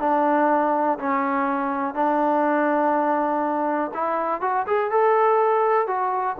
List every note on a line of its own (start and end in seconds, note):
0.00 0.98 D4
0.99 1.94 C#4
1.94 3.91 D4
3.94 4.41 E4
4.41 4.66 F#4
4.67 4.91 G#4
4.91 5.87 A4
5.87 6.36 F#4